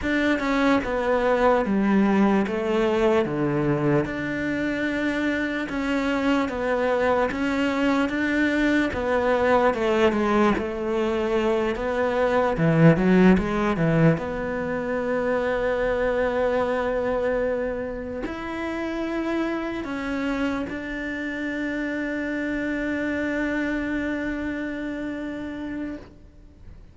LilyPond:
\new Staff \with { instrumentName = "cello" } { \time 4/4 \tempo 4 = 74 d'8 cis'8 b4 g4 a4 | d4 d'2 cis'4 | b4 cis'4 d'4 b4 | a8 gis8 a4. b4 e8 |
fis8 gis8 e8 b2~ b8~ | b2~ b8 e'4.~ | e'8 cis'4 d'2~ d'8~ | d'1 | }